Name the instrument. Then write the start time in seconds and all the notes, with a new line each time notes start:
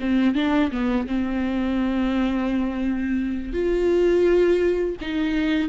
viola
0.00 C4
0.35 D4
0.71 B3
1.07 C4
3.53 F4
5.01 D#4